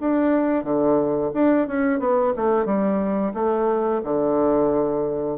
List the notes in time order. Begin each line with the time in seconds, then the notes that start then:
0.00 D4
0.63 D3
1.34 D4
1.67 C#4
1.99 B3
2.36 A3
2.65 G3
3.34 A3
4.04 D3